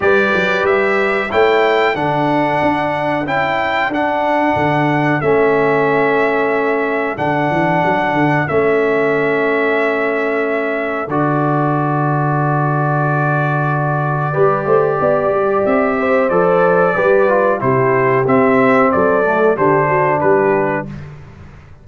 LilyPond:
<<
  \new Staff \with { instrumentName = "trumpet" } { \time 4/4 \tempo 4 = 92 d''4 e''4 g''4 fis''4~ | fis''4 g''4 fis''2 | e''2. fis''4~ | fis''4 e''2.~ |
e''4 d''2.~ | d''1 | e''4 d''2 c''4 | e''4 d''4 c''4 b'4 | }
  \new Staff \with { instrumentName = "horn" } { \time 4/4 b'2 cis''4 a'4~ | a'1~ | a'1~ | a'1~ |
a'1~ | a'2 b'8 c''8 d''4~ | d''8 c''4. b'4 g'4~ | g'4 a'4 g'8 fis'8 g'4 | }
  \new Staff \with { instrumentName = "trombone" } { \time 4/4 g'2 e'4 d'4~ | d'4 e'4 d'2 | cis'2. d'4~ | d'4 cis'2.~ |
cis'4 fis'2.~ | fis'2 g'2~ | g'4 a'4 g'8 f'8 e'4 | c'4. a8 d'2 | }
  \new Staff \with { instrumentName = "tuba" } { \time 4/4 g8 fis8 g4 a4 d4 | d'4 cis'4 d'4 d4 | a2. d8 e8 | fis8 d8 a2.~ |
a4 d2.~ | d2 g8 a8 b8 g8 | c'4 f4 g4 c4 | c'4 fis4 d4 g4 | }
>>